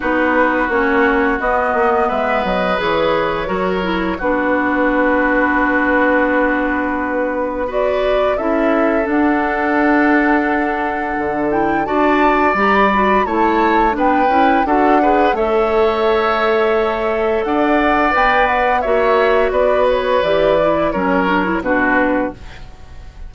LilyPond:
<<
  \new Staff \with { instrumentName = "flute" } { \time 4/4 \tempo 4 = 86 b'4 cis''4 dis''4 e''8 dis''8 | cis''2 b'2~ | b'2. d''4 | e''4 fis''2.~ |
fis''8 g''8 a''4 ais''16 b''8. a''4 | g''4 fis''4 e''2~ | e''4 fis''4 g''8 fis''8 e''4 | d''8 cis''8 d''4 cis''4 b'4 | }
  \new Staff \with { instrumentName = "oboe" } { \time 4/4 fis'2. b'4~ | b'4 ais'4 fis'2~ | fis'2. b'4 | a'1~ |
a'4 d''2 cis''4 | b'4 a'8 b'8 cis''2~ | cis''4 d''2 cis''4 | b'2 ais'4 fis'4 | }
  \new Staff \with { instrumentName = "clarinet" } { \time 4/4 dis'4 cis'4 b2 | gis'4 fis'8 e'8 d'2~ | d'2. fis'4 | e'4 d'2.~ |
d'8 e'8 fis'4 g'8 fis'8 e'4 | d'8 e'8 fis'8 gis'8 a'2~ | a'2 b'4 fis'4~ | fis'4 g'8 e'8 cis'8 d'16 e'16 d'4 | }
  \new Staff \with { instrumentName = "bassoon" } { \time 4/4 b4 ais4 b8 ais8 gis8 fis8 | e4 fis4 b2~ | b1 | cis'4 d'2. |
d4 d'4 g4 a4 | b8 cis'8 d'4 a2~ | a4 d'4 b4 ais4 | b4 e4 fis4 b,4 | }
>>